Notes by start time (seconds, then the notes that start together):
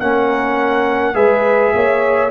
0.00 A#3 C#4 A#4 F#5
1.14 G#3 G#4 B4 E5
1.74 A#3 C#5